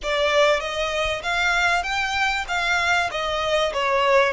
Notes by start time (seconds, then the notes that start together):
0.02 D5
0.60 D#5
1.22 F5
1.83 G5
2.48 F5
3.11 D#5
3.73 C#5